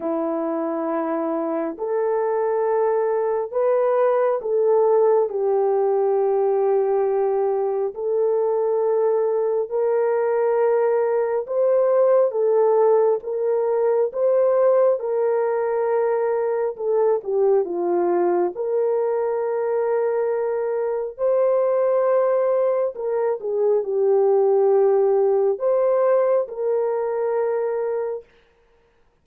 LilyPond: \new Staff \with { instrumentName = "horn" } { \time 4/4 \tempo 4 = 68 e'2 a'2 | b'4 a'4 g'2~ | g'4 a'2 ais'4~ | ais'4 c''4 a'4 ais'4 |
c''4 ais'2 a'8 g'8 | f'4 ais'2. | c''2 ais'8 gis'8 g'4~ | g'4 c''4 ais'2 | }